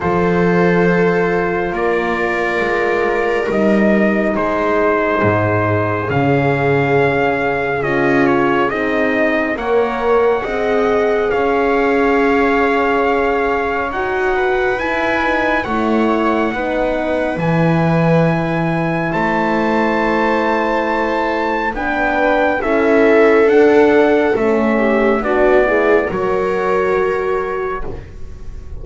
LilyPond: <<
  \new Staff \with { instrumentName = "trumpet" } { \time 4/4 \tempo 4 = 69 c''2 d''2 | dis''4 c''2 f''4~ | f''4 dis''8 cis''8 dis''4 fis''4~ | fis''4 f''2. |
fis''4 gis''4 fis''2 | gis''2 a''2~ | a''4 g''4 e''4 fis''4 | e''4 d''4 cis''2 | }
  \new Staff \with { instrumentName = "viola" } { \time 4/4 a'2 ais'2~ | ais'4 gis'2.~ | gis'2. cis''4 | dis''4 cis''2.~ |
cis''8 b'4. cis''4 b'4~ | b'2 c''2~ | c''4 b'4 a'2~ | a'8 g'8 fis'8 gis'8 ais'2 | }
  \new Staff \with { instrumentName = "horn" } { \time 4/4 f'1 | dis'2. cis'4~ | cis'4 f'4 dis'4 ais'4 | gis'1 |
fis'4 e'8 dis'8 e'4 dis'4 | e'1~ | e'4 d'4 e'4 d'4 | cis'4 d'8 e'8 fis'2 | }
  \new Staff \with { instrumentName = "double bass" } { \time 4/4 f2 ais4 gis4 | g4 gis4 gis,4 cis4~ | cis4 cis'4 c'4 ais4 | c'4 cis'2. |
dis'4 e'4 a4 b4 | e2 a2~ | a4 b4 cis'4 d'4 | a4 b4 fis2 | }
>>